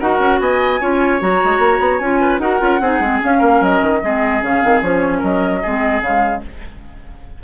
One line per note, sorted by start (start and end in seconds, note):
0.00 0.19 D#4
0.00 0.81 F#4
0.00 0.40 A#4
0.00 0.41 F#5
0.19 0.40 C#4
0.40 0.80 B3
0.40 0.81 D#5
0.40 1.22 G#5
0.81 1.22 C#4
0.81 1.20 F4
0.81 2.21 C#5
1.20 1.42 F#3
1.20 2.01 F#4
1.20 1.99 A#5
1.44 1.59 G#3
1.59 1.79 A#3
1.80 2.00 B3
1.99 2.39 C#4
1.99 2.41 F4
1.99 2.39 G#5
2.21 2.41 B4
2.39 2.59 D#4
2.39 2.60 F#4
2.39 2.81 A#4
2.39 3.20 F#5
2.60 2.81 C#4
2.60 2.80 F4
2.81 3.00 C4
2.81 3.03 D#4
2.81 3.39 G#4
3.00 3.20 G#3
3.00 3.21 C4
3.21 4.02 C#4
3.21 3.42 C#4
3.21 3.64 F5
3.39 3.61 A#3
3.39 3.99 A#4
3.61 3.81 F#3
3.61 4.44 D#5
3.82 4.02 D#3
4.03 4.43 G#3
4.03 4.42 C4
4.03 5.19 G#4
4.42 4.63 C#3
4.42 4.62 C#4
4.42 4.82 F5
4.62 4.82 D#3
4.62 4.83 C4
4.82 5.22 F3
4.82 5.63 C#4
4.82 5.22 C#5
5.19 5.64 F#3
5.19 5.59 A#4
5.19 6.03 D#5
5.63 6.01 G#3
5.63 6.03 C4
5.63 6.44 G#4
6.01 6.42 C#3
6.01 6.44 G#3
6.01 6.43 F5